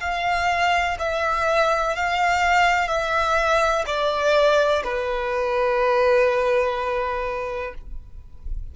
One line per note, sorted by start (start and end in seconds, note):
0.00 0.97 F5
0.99 1.95 E5
1.95 2.87 F5
2.87 3.84 E5
3.86 4.83 D5
4.83 7.74 B4